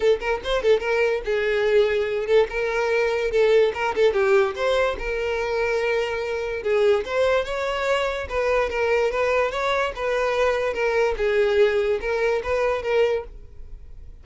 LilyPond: \new Staff \with { instrumentName = "violin" } { \time 4/4 \tempo 4 = 145 a'8 ais'8 c''8 a'8 ais'4 gis'4~ | gis'4. a'8 ais'2 | a'4 ais'8 a'8 g'4 c''4 | ais'1 |
gis'4 c''4 cis''2 | b'4 ais'4 b'4 cis''4 | b'2 ais'4 gis'4~ | gis'4 ais'4 b'4 ais'4 | }